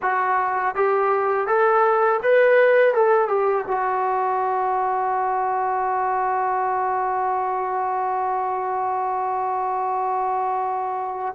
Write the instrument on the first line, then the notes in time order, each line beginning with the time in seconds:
trombone
0.02 F#4
0.75 G4
1.47 A4
2.22 B4
2.94 A4
3.28 G4
3.67 F#4